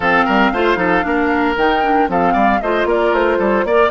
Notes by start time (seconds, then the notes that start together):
0.00 F3 C4 A4 F5
0.25 G3 A#4
0.51 A3 F4 C5
0.76 F3 D#4 A4
1.02 A#3 D4 A#4
1.56 D#3 D#4 G5
1.83 D4
2.08 F3 C4 A4 F5
2.33 G3 D5
2.61 A3 F4 C5 D#5
2.84 A#3 A#4 D5
3.12 A3 C5
3.38 G3 A4
3.64 A#3 A#4 D5